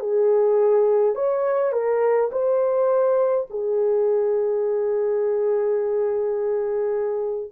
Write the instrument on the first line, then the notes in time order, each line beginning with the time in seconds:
horn
0.00 G#4
1.15 C#5
1.73 A#4
2.32 C5
3.50 G#4